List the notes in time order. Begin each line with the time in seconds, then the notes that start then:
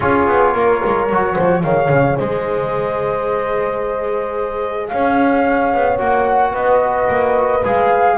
0.00 C#4 F4 G#4 C#5
0.27 B3
0.53 A#3 A#4
0.85 G#3
1.09 F#3 F#4
1.33 F3 C5
1.62 D#3 G#4 C#5 F5
1.89 C#3
2.17 G#3 C5 D#5
4.88 C#4 C#5 F5
5.74 B3
5.97 A#3 F#4 F#5
6.51 B3 B4 D#5
7.08 A#3
7.64 G#3 G#4 F5